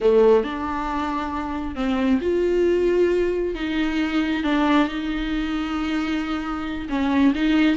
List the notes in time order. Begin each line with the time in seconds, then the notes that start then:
0.00 A3
0.43 D4
1.75 C4
2.21 F4
3.54 D#4
4.43 D4
4.87 D#4
6.89 C#4
7.34 D#4